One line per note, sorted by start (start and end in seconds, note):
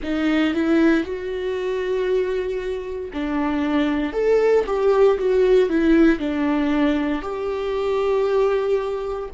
0.02 0.54 D#4
0.54 1.03 E4
1.03 3.10 F#4
3.13 4.12 D4
4.12 4.64 A4
4.66 5.18 G4
5.18 5.69 F#4
5.69 6.19 E4
6.19 7.22 D4
7.22 9.29 G4